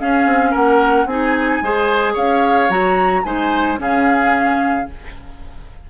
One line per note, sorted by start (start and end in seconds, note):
0.00 1.08 C#4
0.00 0.26 C#4
0.00 0.51 G#4
0.00 0.54 F5
0.26 0.53 C4
0.51 1.06 A#3
0.51 1.05 A#4
0.51 1.07 F#5
1.06 1.60 C4
1.06 1.64 D#4
1.06 1.64 G#4
1.06 2.15 G#5
1.62 2.16 G#3
1.62 2.70 G#4
1.62 2.14 C5
2.14 2.70 C#4
2.14 3.22 C#5
2.14 2.71 F5
2.70 3.24 F#3
2.70 3.24 F#4
2.70 3.25 A#5
3.25 3.79 G#3
3.25 3.78 D#4
3.25 3.80 C5
3.25 3.79 G#5
3.78 4.87 C#3
3.78 4.86 C#4
3.78 4.89 G#4
3.78 4.90 F5